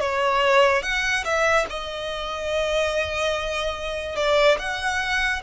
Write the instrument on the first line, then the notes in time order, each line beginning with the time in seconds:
violin
0.00 C#5
0.83 F#5
1.25 E5
1.70 D#5
4.16 D5
4.59 F#5